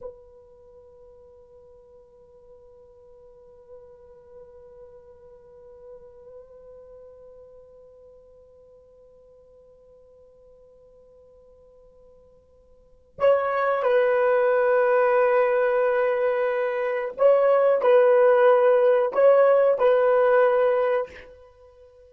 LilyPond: \new Staff \with { instrumentName = "horn" } { \time 4/4 \tempo 4 = 91 b'1~ | b'1~ | b'1~ | b'1~ |
b'1 | cis''4 b'2.~ | b'2 cis''4 b'4~ | b'4 cis''4 b'2 | }